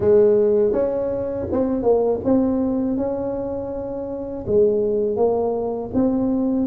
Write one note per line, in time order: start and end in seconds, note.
0.00 0.72 G#3
0.72 1.46 C#4
1.51 1.82 C4
1.82 2.20 A#3
2.24 2.97 C4
2.97 4.45 C#4
4.46 5.16 G#3
5.16 5.90 A#3
5.94 6.66 C4